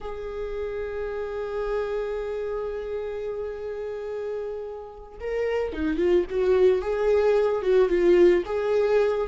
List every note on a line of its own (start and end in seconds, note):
0.00 5.18 G#4
5.20 5.72 A#4
5.72 5.97 D#4
5.97 6.24 F4
6.30 6.81 F#4
6.81 7.62 G#4
7.62 7.88 F#4
7.88 8.43 F4
8.45 9.27 G#4